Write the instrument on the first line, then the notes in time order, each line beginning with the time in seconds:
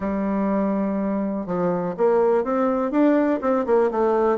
bassoon
0.00 G3
1.46 F3
1.97 A#3
2.44 C4
2.91 D4
3.41 C4
3.65 A#3
3.91 A3